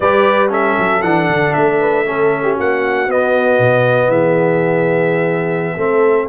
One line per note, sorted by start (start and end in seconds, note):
0.00 0.77 G3
0.00 0.49 G4
0.00 0.50 B4
0.00 0.49 D5
0.49 1.00 C#4
0.49 1.78 A4
0.49 1.02 E5
0.78 1.02 F#3
1.02 1.28 E3
1.02 2.05 D4
1.02 1.53 F#5
1.28 1.54 D3
1.53 2.58 A3
1.53 2.55 E5
1.80 2.05 B4
2.05 3.08 C#4
2.05 2.43 A4
2.43 2.54 G4
2.54 3.07 A#3
2.54 4.08 F#4
2.54 3.10 F#5
3.07 3.58 B3
3.07 5.78 B3
3.07 4.10 D#5
3.58 4.08 B2
4.08 5.74 E3
4.08 5.75 G#4
4.08 6.28 E5
5.75 6.28 A3
5.75 6.28 C4
5.75 6.26 A4